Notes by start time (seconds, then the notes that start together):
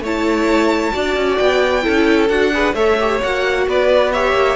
0.00 A3 E4 C#5 A5
0.92 D4 F#4 D5
1.16 C#4
1.37 B3 G5
1.82 C#4 E4 A4
2.29 D4 F#4 F#5
2.53 G#4 B4
2.73 A3 A4 C#5 E5
3.00 G4
3.22 A#3 F#4 F#5
3.67 B3 B4 D5
4.12 G4 C#5 E5
4.32 A#3